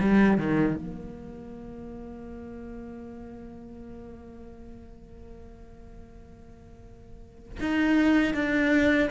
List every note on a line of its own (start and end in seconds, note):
0.00 0.37 G3
0.37 0.75 D#3
0.76 7.59 A#3
7.60 8.34 D#4
8.34 9.10 D4